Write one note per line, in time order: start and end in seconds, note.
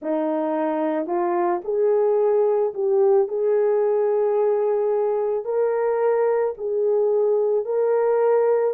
0.01 1.06 D#4
1.06 1.61 F4
1.64 2.73 G#4
2.73 3.27 G4
3.27 5.44 G#4
5.44 6.54 A#4
6.57 7.65 G#4
7.65 8.74 A#4